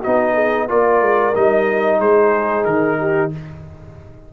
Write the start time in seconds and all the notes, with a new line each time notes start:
0.00 D#4 F#4 D#5
0.06 B3
0.34 G#4
0.68 A#3 F4 A#4 D5
1.02 G#3
1.35 G3 D#4 D#5
2.00 G#3 G#4 C5
2.65 D#3 A#4
3.00 G4